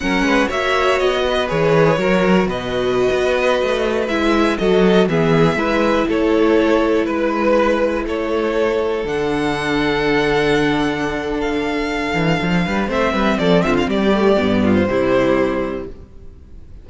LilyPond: <<
  \new Staff \with { instrumentName = "violin" } { \time 4/4 \tempo 4 = 121 fis''4 e''4 dis''4 cis''4~ | cis''4 dis''2.~ | dis''16 e''4 dis''4 e''4.~ e''16~ | e''16 cis''2 b'4.~ b'16~ |
b'16 cis''2 fis''4.~ fis''16~ | fis''2. f''4~ | f''2 e''4 d''8 e''16 f''16 | d''4.~ d''16 c''2~ c''16 | }
  \new Staff \with { instrumentName = "violin" } { \time 4/4 ais'8 b'8 cis''4. b'4. | ais'4 b'2.~ | b'4~ b'16 a'4 gis'4 b'8.~ | b'16 a'2 b'4.~ b'16~ |
b'16 a'2.~ a'8.~ | a'1~ | a'4. b'8 c''8 b'8 a'8 f'8 | g'4. f'8 e'2 | }
  \new Staff \with { instrumentName = "viola" } { \time 4/4 cis'4 fis'2 gis'4 | fis'1~ | fis'16 e'4 fis'4 b4 e'8.~ | e'1~ |
e'2~ e'16 d'4.~ d'16~ | d'1~ | d'2 c'2~ | c'8 a8 b4 g2 | }
  \new Staff \with { instrumentName = "cello" } { \time 4/4 fis8 gis8 ais4 b4 e4 | fis4 b,4~ b,16 b4 a8.~ | a16 gis4 fis4 e4 gis8.~ | gis16 a2 gis4.~ gis16~ |
gis16 a2 d4.~ d16~ | d1~ | d8 e8 f8 g8 a8 g8 f8 d8 | g4 g,4 c2 | }
>>